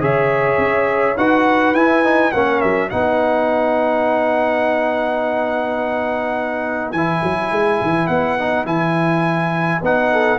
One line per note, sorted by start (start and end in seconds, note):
0.00 0.58 C#3
0.00 1.15 G#4
0.00 1.18 C#5
0.00 1.17 E5
0.58 1.16 C#4
1.17 1.74 D#4
1.17 1.75 F#4
1.17 2.33 B4
1.17 1.75 F#5
1.74 2.32 E4
1.74 2.04 E4
1.74 2.32 G#5
2.04 2.33 D#4
2.32 2.62 A#3
2.32 2.91 C#4
2.32 2.90 A#4
2.32 2.61 F#5
2.61 2.92 F#3
2.61 2.89 E5
2.90 6.92 B3
2.90 6.94 D#4
2.90 10.11 B4
2.90 6.92 F#5
6.92 7.21 E3
6.92 8.39 E4
6.92 8.07 G#5
7.23 7.51 F#3
7.51 7.80 G#3
7.81 8.08 E3
8.07 8.65 B3
8.07 8.65 F#5
8.39 8.65 D#4
8.65 9.80 E3
8.65 9.81 E4
8.65 9.82 G#5
9.82 10.38 B3
9.82 10.38 D#4
9.82 10.38 F#5
10.12 10.38 A4